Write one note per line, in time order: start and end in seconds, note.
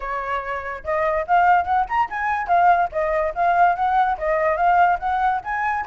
0.00 0.83 C#5
0.83 1.25 D#5
1.27 1.65 F5
1.65 1.85 F#5
1.88 2.09 A#5
2.09 2.47 G#5
2.47 2.89 F5
2.91 3.33 D#5
3.34 3.75 F5
3.75 4.17 F#5
4.18 4.56 D#5
4.56 4.98 F5
4.99 5.41 F#5
5.44 5.85 G#5